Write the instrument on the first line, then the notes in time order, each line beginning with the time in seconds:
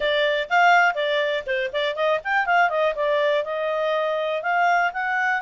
clarinet
0.00 D5
0.49 F5
0.94 D5
1.46 C5
1.72 D5
1.95 D#5
2.24 G5
2.46 F5
2.69 D#5
2.95 D5
3.44 D#5
4.42 F5
4.93 F#5